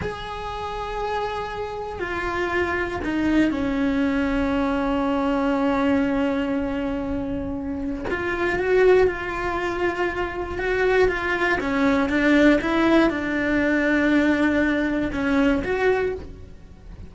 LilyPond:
\new Staff \with { instrumentName = "cello" } { \time 4/4 \tempo 4 = 119 gis'1 | f'2 dis'4 cis'4~ | cis'1~ | cis'1 |
f'4 fis'4 f'2~ | f'4 fis'4 f'4 cis'4 | d'4 e'4 d'2~ | d'2 cis'4 fis'4 | }